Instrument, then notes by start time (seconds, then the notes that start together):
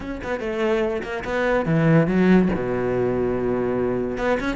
cello
0.00 C#4
0.23 B3
0.40 A3
1.02 A#3
1.24 B3
1.65 E3
2.07 F#3
2.55 B2
4.17 B3
4.39 C#4